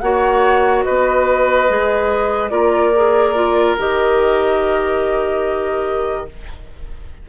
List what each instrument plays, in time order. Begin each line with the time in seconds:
0.00 bassoon A#3, clarinet F#4, oboe C#5, flute F#5
0.84 bassoon B3, oboe B4, flute D#5
1.69 bassoon G#3, clarinet G#4
2.50 bassoon A#3, clarinet F4, oboe A#4, flute D5
2.95 clarinet G#4
3.35 clarinet F4
3.78 bassoon D#3, clarinet G4, flute D#5